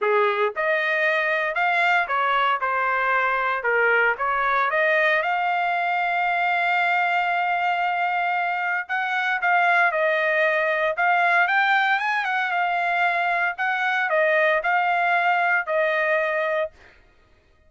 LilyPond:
\new Staff \with { instrumentName = "trumpet" } { \time 4/4 \tempo 4 = 115 gis'4 dis''2 f''4 | cis''4 c''2 ais'4 | cis''4 dis''4 f''2~ | f''1~ |
f''4 fis''4 f''4 dis''4~ | dis''4 f''4 g''4 gis''8 fis''8 | f''2 fis''4 dis''4 | f''2 dis''2 | }